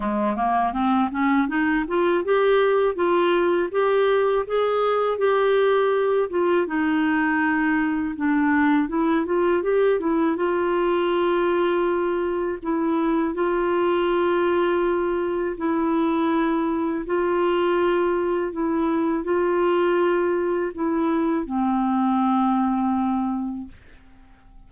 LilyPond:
\new Staff \with { instrumentName = "clarinet" } { \time 4/4 \tempo 4 = 81 gis8 ais8 c'8 cis'8 dis'8 f'8 g'4 | f'4 g'4 gis'4 g'4~ | g'8 f'8 dis'2 d'4 | e'8 f'8 g'8 e'8 f'2~ |
f'4 e'4 f'2~ | f'4 e'2 f'4~ | f'4 e'4 f'2 | e'4 c'2. | }